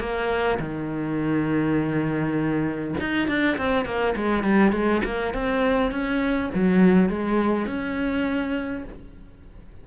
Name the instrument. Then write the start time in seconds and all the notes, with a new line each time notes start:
cello
0.00 A#3
0.59 D#3
3.01 D#4
3.28 D4
3.57 C4
3.86 A#3
4.16 G#3
4.44 G3
4.72 G#3
5.05 A#3
5.34 C4
5.91 C#4
6.55 F#3
7.09 G#3
7.67 C#4